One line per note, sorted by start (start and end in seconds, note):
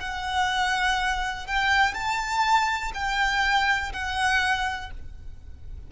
0.00 1.47 F#5
1.47 1.94 G5
1.94 2.92 A5
2.94 3.93 G5
3.93 4.91 F#5